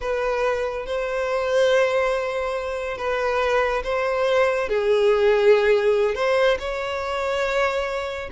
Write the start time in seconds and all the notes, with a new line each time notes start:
0.01 B4
0.86 C5
2.97 B4
3.83 C5
4.68 G#4
6.15 C5
6.59 C#5